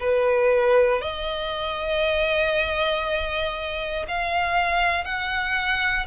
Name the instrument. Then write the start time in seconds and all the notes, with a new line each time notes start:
violin
0.00 B4
1.01 D#5
4.08 F5
5.04 F#5